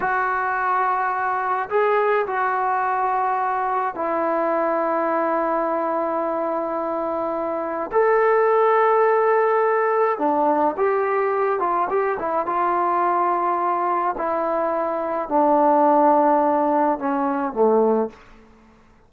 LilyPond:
\new Staff \with { instrumentName = "trombone" } { \time 4/4 \tempo 4 = 106 fis'2. gis'4 | fis'2. e'4~ | e'1~ | e'2 a'2~ |
a'2 d'4 g'4~ | g'8 f'8 g'8 e'8 f'2~ | f'4 e'2 d'4~ | d'2 cis'4 a4 | }